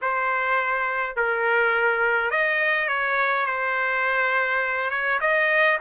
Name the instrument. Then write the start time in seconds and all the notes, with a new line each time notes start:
trumpet
0.01 C5
1.16 A#4
2.31 D#5
2.88 C#5
3.46 C5
4.90 C#5
5.21 D#5